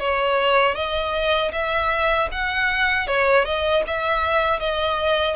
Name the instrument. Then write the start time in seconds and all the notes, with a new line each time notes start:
violin
0.00 C#5
0.75 D#5
1.52 E5
2.32 F#5
3.08 C#5
3.45 D#5
3.87 E5
4.60 D#5